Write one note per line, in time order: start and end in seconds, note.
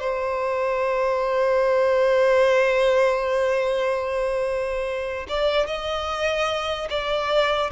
0.00 5.27 C5
5.29 5.67 D5
5.67 6.89 D#5
6.90 7.71 D5